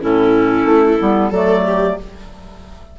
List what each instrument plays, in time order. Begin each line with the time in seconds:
0.00 bassoon A2, clarinet C#4 A4, viola E4
0.65 bassoon A3
0.98 bassoon G3, clarinet B3
1.30 bassoon F#3, clarinet A3 D5, viola A4
1.66 viola G4